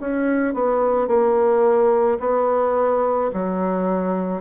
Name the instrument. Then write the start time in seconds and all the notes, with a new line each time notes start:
bassoon
0.00 C#4
0.54 B3
1.07 A#3
2.19 B3
3.33 F#3